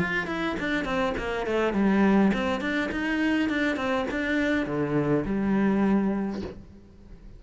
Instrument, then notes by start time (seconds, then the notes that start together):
cello
0.00 F4
0.27 E4
0.60 D4
0.85 C4
1.18 A#3
1.47 A3
1.74 G3
2.34 C4
2.61 D4
2.92 D#4
3.50 D4
3.77 C4
4.11 D4
4.66 D3
5.26 G3